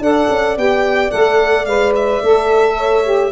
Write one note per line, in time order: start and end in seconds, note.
0.00 0.28 D4
0.00 0.57 A4
0.00 2.77 D5
0.00 0.58 F#5
0.29 0.57 C#4
0.57 1.12 B3
0.57 1.10 G4
0.57 1.11 G5
1.10 1.65 A3
1.10 1.65 A4
1.10 1.65 F#5
1.65 2.21 G#3
1.65 2.23 B4
1.65 1.92 F5
1.95 3.31 E5
2.22 3.31 A3
2.22 3.04 A4
2.77 3.31 C#5
3.04 3.31 G4